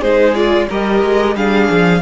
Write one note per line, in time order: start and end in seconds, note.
0.00 0.69 G#3
0.00 0.35 D#4
0.00 0.67 G#4
0.00 0.35 C5
0.35 0.68 F4
0.35 0.68 D5
0.69 1.03 G3
0.69 1.37 G4
0.69 1.36 A#4
0.69 1.37 D#5
1.03 1.36 G#3
1.36 1.69 G3
1.36 2.02 D4
1.36 2.02 G#4
1.36 2.02 F5
1.70 2.02 F3